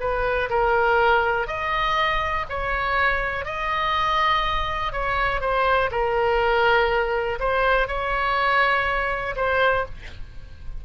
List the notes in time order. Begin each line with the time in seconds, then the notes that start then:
0.00 B4
0.49 A#4
1.47 D#5
2.49 C#5
3.45 D#5
4.92 C#5
5.41 C5
5.91 A#4
7.39 C5
7.87 C#5
9.36 C5